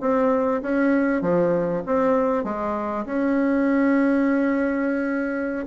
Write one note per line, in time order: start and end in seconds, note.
0.00 0.61 C4
0.62 1.21 C#4
1.21 1.83 F3
1.86 2.44 C4
2.44 3.05 G#3
3.05 5.65 C#4